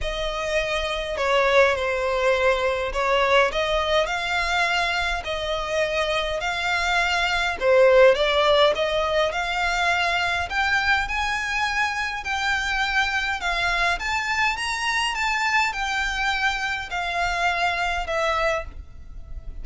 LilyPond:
\new Staff \with { instrumentName = "violin" } { \time 4/4 \tempo 4 = 103 dis''2 cis''4 c''4~ | c''4 cis''4 dis''4 f''4~ | f''4 dis''2 f''4~ | f''4 c''4 d''4 dis''4 |
f''2 g''4 gis''4~ | gis''4 g''2 f''4 | a''4 ais''4 a''4 g''4~ | g''4 f''2 e''4 | }